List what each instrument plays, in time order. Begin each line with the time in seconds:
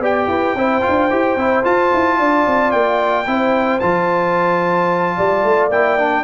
0.00 tuba B3, trombone G4, horn D5, trumpet G5
0.28 tuba E4, horn B4
0.55 tuba C4, trombone E4, horn C5
0.82 trombone F4
0.89 tuba D4
1.11 tuba E4, trombone G4
1.36 tuba C4, trombone E4
1.64 trombone F4, tuba F4, trumpet A5
1.94 tuba E4
2.19 tuba D4, horn D5
2.47 tuba C4
2.72 tuba A#3, trumpet G5
3.27 tuba C4, trombone E4, horn C5
3.80 tuba F3, trombone F4, trumpet A5
5.17 tuba G3, horn D5
5.44 tuba A3
5.69 tuba A#3, trombone E4, trumpet G5
5.99 trombone D4